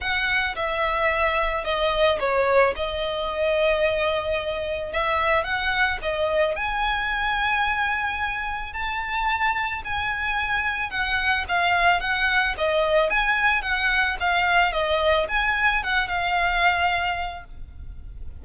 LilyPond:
\new Staff \with { instrumentName = "violin" } { \time 4/4 \tempo 4 = 110 fis''4 e''2 dis''4 | cis''4 dis''2.~ | dis''4 e''4 fis''4 dis''4 | gis''1 |
a''2 gis''2 | fis''4 f''4 fis''4 dis''4 | gis''4 fis''4 f''4 dis''4 | gis''4 fis''8 f''2~ f''8 | }